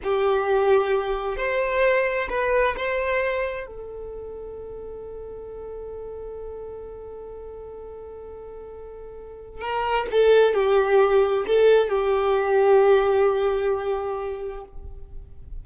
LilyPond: \new Staff \with { instrumentName = "violin" } { \time 4/4 \tempo 4 = 131 g'2. c''4~ | c''4 b'4 c''2 | a'1~ | a'1~ |
a'1~ | a'4 ais'4 a'4 g'4~ | g'4 a'4 g'2~ | g'1 | }